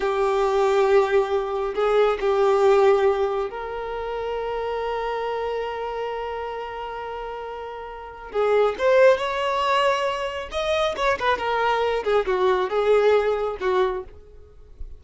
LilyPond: \new Staff \with { instrumentName = "violin" } { \time 4/4 \tempo 4 = 137 g'1 | gis'4 g'2. | ais'1~ | ais'1~ |
ais'2. gis'4 | c''4 cis''2. | dis''4 cis''8 b'8 ais'4. gis'8 | fis'4 gis'2 fis'4 | }